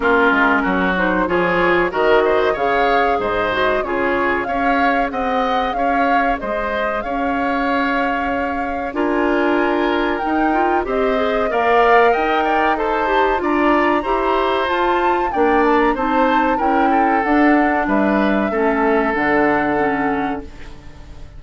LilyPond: <<
  \new Staff \with { instrumentName = "flute" } { \time 4/4 \tempo 4 = 94 ais'4. c''8 cis''4 dis''4 | f''4 dis''4 cis''4 f''4 | fis''4 f''4 dis''4 f''4~ | f''2 gis''2 |
g''4 dis''4 f''4 g''4 | a''4 ais''2 a''4 | g''8 a''16 ais''16 a''4 g''4 fis''4 | e''2 fis''2 | }
  \new Staff \with { instrumentName = "oboe" } { \time 4/4 f'4 fis'4 gis'4 ais'8 c''8 | cis''4 c''4 gis'4 cis''4 | dis''4 cis''4 c''4 cis''4~ | cis''2 ais'2~ |
ais'4 c''4 d''4 dis''8 d''8 | c''4 d''4 c''2 | d''4 c''4 ais'8 a'4. | b'4 a'2. | }
  \new Staff \with { instrumentName = "clarinet" } { \time 4/4 cis'4. dis'8 f'4 fis'4 | gis'4. fis'8 f'4 gis'4~ | gis'1~ | gis'2 f'2 |
dis'8 f'8 g'8 gis'8 ais'2 | a'8 g'8 f'4 g'4 f'4 | d'4 dis'4 e'4 d'4~ | d'4 cis'4 d'4 cis'4 | }
  \new Staff \with { instrumentName = "bassoon" } { \time 4/4 ais8 gis8 fis4 f4 dis4 | cis4 gis,4 cis4 cis'4 | c'4 cis'4 gis4 cis'4~ | cis'2 d'2 |
dis'4 c'4 ais4 dis'4~ | dis'4 d'4 e'4 f'4 | ais4 c'4 cis'4 d'4 | g4 a4 d2 | }
>>